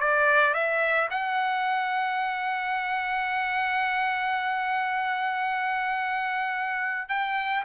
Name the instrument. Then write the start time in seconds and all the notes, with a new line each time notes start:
trumpet
0.00 D5
0.54 E5
1.10 F#5
7.09 G5